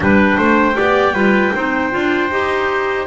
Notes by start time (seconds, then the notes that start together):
0.00 G3 D4 B4 G5
0.37 A3 C5
0.75 B3 G4 D5
1.13 G3 F4 B4
1.54 C4 D#4 C5
1.91 D4 F4
2.30 D#4 G4